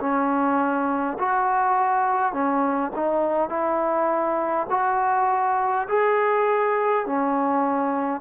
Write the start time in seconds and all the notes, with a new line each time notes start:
0.00 C#4
1.19 F#4
2.33 C#4
2.96 D#4
3.49 E4
4.70 F#4
5.89 G#4
7.06 C#4